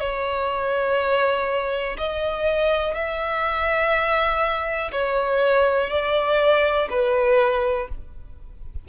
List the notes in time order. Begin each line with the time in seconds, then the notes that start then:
0.00 C#5
1.98 D#5
2.94 E5
4.92 C#5
5.90 D5
6.90 B4